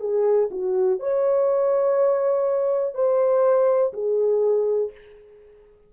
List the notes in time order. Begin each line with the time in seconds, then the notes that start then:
0.00 G#4
0.51 F#4
0.99 C#5
2.94 C5
3.93 G#4